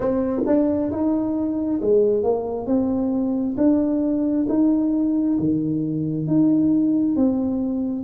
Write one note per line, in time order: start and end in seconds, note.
0.00 0.42 C4
0.46 0.91 D4
0.91 1.80 D#4
1.82 2.23 G#3
2.23 2.66 A#3
2.66 3.55 C4
3.57 4.47 D4
4.48 5.38 D#4
5.39 6.26 D#3
6.26 7.16 D#4
7.16 8.04 C4